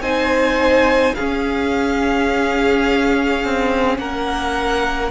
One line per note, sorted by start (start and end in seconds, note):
0.00 1.13 C4
0.00 1.16 D#4
0.00 1.15 C5
0.00 1.15 G#5
1.15 5.11 C#4
1.15 3.44 C#4
1.15 3.98 G#4
1.15 3.98 F5
3.44 3.98 C4
3.98 5.11 A#3
3.98 5.11 A#4
3.98 5.11 F#5